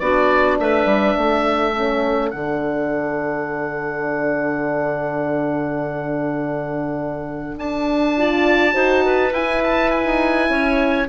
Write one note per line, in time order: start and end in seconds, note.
0.00 0.59 B3
0.00 1.75 D4
0.00 0.61 F#4
0.00 0.58 D5
0.59 0.85 A3
0.59 1.19 B4
0.59 2.31 E5
0.85 1.15 G3
1.18 2.33 A3
1.18 8.18 A4
1.75 2.33 C#4
2.31 7.57 D3
2.31 8.16 D4
2.31 7.55 F#5
7.58 8.75 D4
7.58 9.34 A5
8.18 8.73 F4
8.18 8.75 D5
8.73 9.33 D#4
8.73 9.31 F#4
8.73 9.04 C5
9.06 10.51 B4
9.33 10.05 E4
9.33 11.09 E4
9.33 9.63 G#5
9.64 9.91 A5
9.91 11.08 G#5
10.05 10.49 D#4
10.49 11.08 C#4
10.49 11.09 C#5